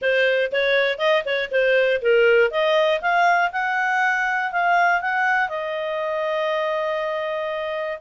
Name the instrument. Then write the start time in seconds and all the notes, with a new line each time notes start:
clarinet
0.01 C5
0.52 C#5
0.98 D#5
1.25 C#5
1.51 C5
2.01 A#4
2.50 D#5
3.01 F5
3.52 F#5
4.51 F5
5.01 F#5
5.49 D#5